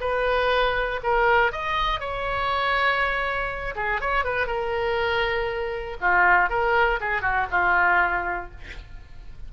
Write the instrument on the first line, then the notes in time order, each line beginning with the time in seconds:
oboe
0.00 B4
1.03 A#4
1.51 D#5
2.00 C#5
3.75 G#4
4.00 C#5
4.24 B4
4.47 A#4
6.00 F4
6.49 A#4
7.00 G#4
7.21 F#4
7.50 F4